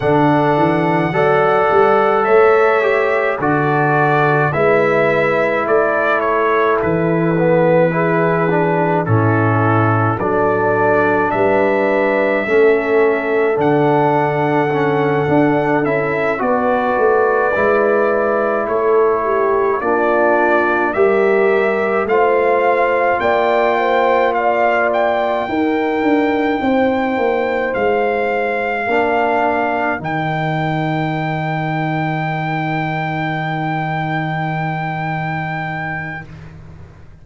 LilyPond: <<
  \new Staff \with { instrumentName = "trumpet" } { \time 4/4 \tempo 4 = 53 fis''2 e''4 d''4 | e''4 d''8 cis''8 b'2 | a'4 d''4 e''2 | fis''2 e''8 d''4.~ |
d''8 cis''4 d''4 e''4 f''8~ | f''8 g''4 f''8 g''2~ | g''8 f''2 g''4.~ | g''1 | }
  \new Staff \with { instrumentName = "horn" } { \time 4/4 a'4 d''4 cis''4 a'4 | b'4 a'2 gis'4 | e'4 a'4 b'4 a'4~ | a'2~ a'8 b'4.~ |
b'8 a'8 g'8 f'4 ais'4 c''8~ | c''8 d''8 c''8 d''4 ais'4 c''8~ | c''4. ais'2~ ais'8~ | ais'1 | }
  \new Staff \with { instrumentName = "trombone" } { \time 4/4 d'4 a'4. g'8 fis'4 | e'2~ e'8 b8 e'8 d'8 | cis'4 d'2 cis'4 | d'4 cis'8 d'8 e'8 fis'4 e'8~ |
e'4. d'4 g'4 f'8~ | f'2~ f'8 dis'4.~ | dis'4. d'4 dis'4.~ | dis'1 | }
  \new Staff \with { instrumentName = "tuba" } { \time 4/4 d8 e8 fis8 g8 a4 d4 | gis4 a4 e2 | a,4 fis4 g4 a4 | d4. d'8 cis'8 b8 a8 gis8~ |
gis8 a4 ais4 g4 a8~ | a8 ais2 dis'8 d'8 c'8 | ais8 gis4 ais4 dis4.~ | dis1 | }
>>